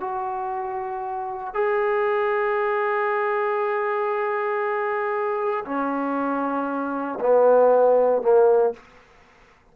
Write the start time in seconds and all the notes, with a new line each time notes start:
0.00 F#4
1.54 G#4
5.65 C#4
7.20 B3
8.22 A#3